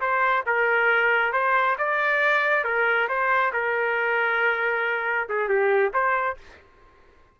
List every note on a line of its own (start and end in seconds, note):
0.00 0.44 C5
0.46 1.32 A#4
1.32 1.76 C5
1.78 2.64 D5
2.64 3.08 A#4
3.08 3.52 C5
3.53 5.28 A#4
5.28 5.48 G#4
5.48 5.92 G4
5.93 6.37 C5